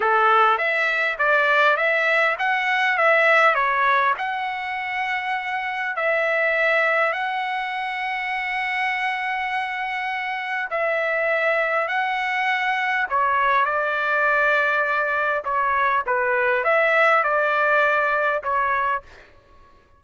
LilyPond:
\new Staff \with { instrumentName = "trumpet" } { \time 4/4 \tempo 4 = 101 a'4 e''4 d''4 e''4 | fis''4 e''4 cis''4 fis''4~ | fis''2 e''2 | fis''1~ |
fis''2 e''2 | fis''2 cis''4 d''4~ | d''2 cis''4 b'4 | e''4 d''2 cis''4 | }